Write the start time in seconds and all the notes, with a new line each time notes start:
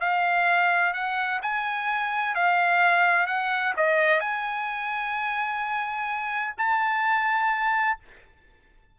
0.00 F5
0.93 F#5
1.42 G#5
2.35 F5
3.26 F#5
3.76 D#5
4.20 G#5
6.58 A5